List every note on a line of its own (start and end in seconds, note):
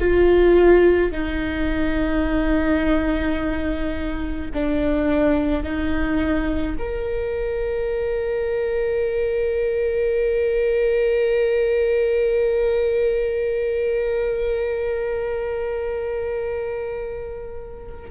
0.00 1.12 F4
1.12 4.52 D#4
4.54 5.63 D4
5.63 6.77 D#4
6.79 18.11 A#4